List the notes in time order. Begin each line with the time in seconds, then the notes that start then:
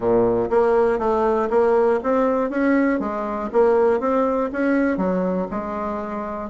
0.00 A#2
0.50 A#3
0.98 A3
1.50 A#3
2.02 C4
2.50 C#4
2.99 G#3
3.52 A#3
4.00 C4
4.52 C#4
4.97 F#3
5.50 G#3